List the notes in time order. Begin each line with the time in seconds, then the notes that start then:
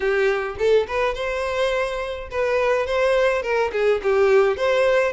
0.00 G4
0.58 A4
0.87 B4
1.14 C5
2.30 B4
2.86 C5
3.42 A#4
3.72 G#4
4.02 G4
4.56 C5